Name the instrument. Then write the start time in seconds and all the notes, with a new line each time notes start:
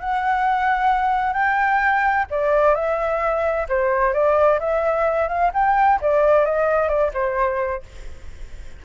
flute
0.00 F#5
1.33 G5
2.30 D5
2.74 E5
3.69 C5
4.13 D5
4.59 E5
5.28 F5
5.54 G5
6.01 D5
6.45 D#5
6.88 D5
7.13 C5